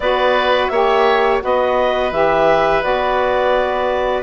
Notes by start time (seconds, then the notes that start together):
0.00 B3 F#4 B4 D5
0.67 A#3 G4 C#5 E5
1.40 B3 F#4 B4 D#5
2.11 E3 G4 E5
2.81 B3 F#4 D5